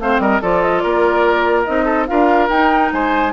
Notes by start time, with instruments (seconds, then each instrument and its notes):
0.00 bassoon A3, clarinet C4, oboe C5, flute F5
0.19 bassoon G3, oboe A#4, flute D#5
0.41 bassoon F3, clarinet F4, oboe A4, flute D5
0.62 flute D#5
0.79 bassoon A#3, oboe A#4, flute D5
1.64 bassoon C4, clarinet D#4, flute D#5
1.85 oboe A4
2.06 bassoon D4, clarinet F4, oboe A#4, flute F5
2.49 bassoon D#4, clarinet D#4, flute G5
2.93 bassoon G#3, oboe C5, flute G#5